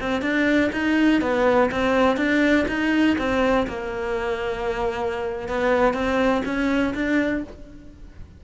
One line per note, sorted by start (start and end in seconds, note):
0.00 0.21 C4
0.21 0.70 D4
0.72 1.21 D#4
1.21 1.70 B3
1.71 2.16 C4
2.16 2.65 D4
2.68 3.16 D#4
3.18 3.67 C4
3.67 5.48 A#3
5.48 5.93 B3
5.93 6.42 C4
6.45 6.94 C#4
6.94 7.43 D4